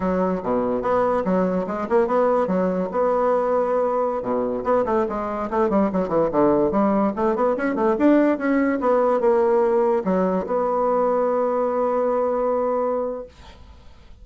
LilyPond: \new Staff \with { instrumentName = "bassoon" } { \time 4/4 \tempo 4 = 145 fis4 b,4 b4 fis4 | gis8 ais8 b4 fis4 b4~ | b2~ b16 b,4 b8 a16~ | a16 gis4 a8 g8 fis8 e8 d8.~ |
d16 g4 a8 b8 cis'8 a8 d'8.~ | d'16 cis'4 b4 ais4.~ ais16~ | ais16 fis4 b2~ b8.~ | b1 | }